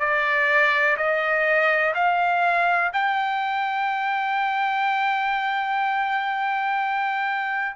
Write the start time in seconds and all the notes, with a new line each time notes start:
0.00 D5
0.97 D#5
1.95 F5
2.93 G5